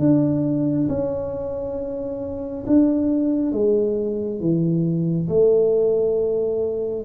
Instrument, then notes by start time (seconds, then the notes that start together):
tuba
0.00 D4
0.89 C#4
2.67 D4
3.53 G#3
4.41 E3
5.29 A3